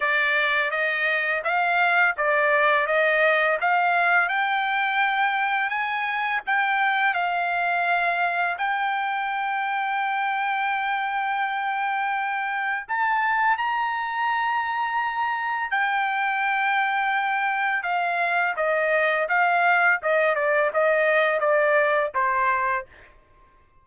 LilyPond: \new Staff \with { instrumentName = "trumpet" } { \time 4/4 \tempo 4 = 84 d''4 dis''4 f''4 d''4 | dis''4 f''4 g''2 | gis''4 g''4 f''2 | g''1~ |
g''2 a''4 ais''4~ | ais''2 g''2~ | g''4 f''4 dis''4 f''4 | dis''8 d''8 dis''4 d''4 c''4 | }